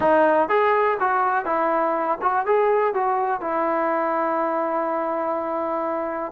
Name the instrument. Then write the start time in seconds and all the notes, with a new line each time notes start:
trombone
0.00 D#4
0.49 G#4
1.00 F#4
1.45 E4
2.21 F#4
2.45 G#4
2.94 F#4
3.41 E4